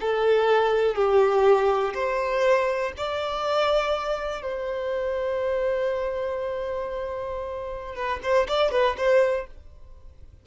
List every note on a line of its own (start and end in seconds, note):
0.00 0.95 A4
0.95 1.93 G4
1.94 2.92 C5
2.97 4.42 D5
4.42 7.95 C5
7.95 8.19 B4
8.22 8.47 C5
8.47 8.71 D5
8.71 8.96 B4
8.97 9.46 C5